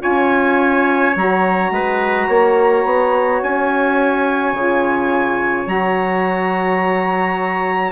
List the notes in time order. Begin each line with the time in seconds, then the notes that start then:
0.00 C#4 F4 C#5 G#5
1.16 F#3 F#4 A#5
1.71 G#3 B4
2.28 A#3 C#5
2.85 B3
3.43 C#4 G#5
4.53 C#3 F4
5.67 F#3 F#4 A#5